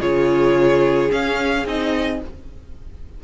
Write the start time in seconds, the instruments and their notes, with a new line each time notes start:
0.00 cello C#3, viola F4, violin G#4 C#5
1.10 viola C#4, cello C#4, violin F5
1.66 cello C4, viola D#4, violin D#5